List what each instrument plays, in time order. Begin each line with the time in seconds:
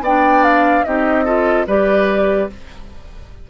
0.00 bassoon B3, clarinet D4, oboe D5, flute G5
0.43 flute F5
0.84 bassoon C4, clarinet D#4, oboe G4, flute D#5
1.24 clarinet F4, oboe A4
1.66 bassoon G3, clarinet G4, oboe B4, flute D5